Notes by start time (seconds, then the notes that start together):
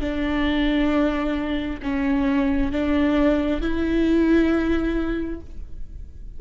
0.00 D4
1.82 C#4
2.71 D4
3.61 E4